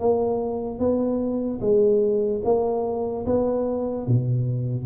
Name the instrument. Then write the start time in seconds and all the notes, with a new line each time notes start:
tuba
0.00 A#3
0.80 B3
1.61 G#3
2.45 A#3
3.27 B3
4.08 B2